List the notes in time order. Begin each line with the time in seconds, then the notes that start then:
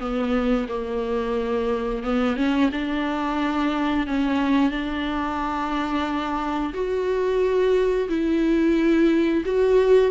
0.00 B3
0.69 A#3
2.03 B3
2.37 C#4
2.72 D4
4.07 C#4
4.71 D4
6.74 F#4
8.09 E4
9.45 F#4